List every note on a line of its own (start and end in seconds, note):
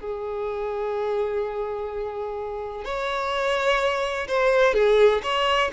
0.00 2.84 G#4
2.84 4.27 C#5
4.27 4.74 C5
4.74 5.21 G#4
5.23 5.70 C#5